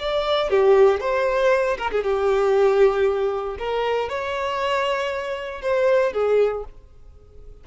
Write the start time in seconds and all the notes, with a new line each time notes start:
0.00 D5
0.51 G4
1.01 C5
1.78 A#4
1.91 G#4
2.03 G4
3.59 A#4
4.09 C#5
5.62 C5
6.13 G#4